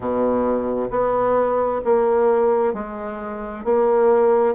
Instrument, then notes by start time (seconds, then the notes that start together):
bassoon
0.00 B2
0.90 B3
1.84 A#3
2.73 G#3
3.64 A#3